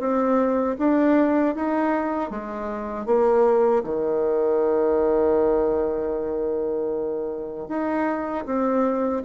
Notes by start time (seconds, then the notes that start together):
0.00 C4
0.79 D4
1.56 D#4
2.31 G#3
3.07 A#3
3.84 D#3
7.69 D#4
8.46 C4